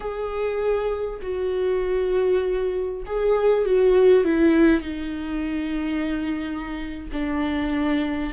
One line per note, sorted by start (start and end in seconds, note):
0.00 1.19 G#4
1.21 3.03 F#4
3.06 3.65 G#4
3.65 4.24 F#4
4.24 4.81 E4
4.81 7.08 D#4
7.12 8.33 D4